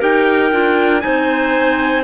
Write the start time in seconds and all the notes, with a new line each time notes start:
0.00 D#4 G4 A#4 G5
0.52 D4 F4
1.01 C4 D#4 C5 G#5